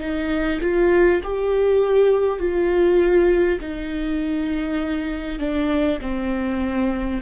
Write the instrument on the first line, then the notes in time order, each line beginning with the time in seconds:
viola
0.00 D#4
0.62 F4
1.24 G4
2.39 F4
3.61 D#4
5.39 D4
6.01 C4